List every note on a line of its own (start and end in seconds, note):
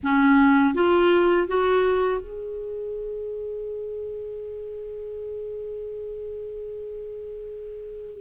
0.03 0.74 C#4
0.74 1.47 F4
1.47 2.21 F#4
2.21 8.21 G#4